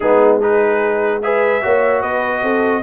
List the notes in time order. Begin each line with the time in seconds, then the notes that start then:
0.00 G#3 B3 D#4 G#4
0.39 D#4 G#4 B4
1.21 G#4 B4 E5
1.61 A#3 F#4 C#5
2.01 B3 B4 D#5
2.42 C4 A4